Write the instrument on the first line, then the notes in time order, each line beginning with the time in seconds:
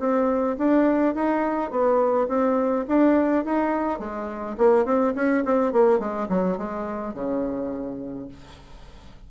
bassoon
0.00 C4
0.58 D4
1.15 D#4
1.71 B3
2.28 C4
2.88 D4
3.45 D#4
4.00 G#3
4.58 A#3
4.85 C4
5.16 C#4
5.45 C4
5.73 A#3
5.99 G#3
6.29 F#3
6.58 G#3
7.14 C#3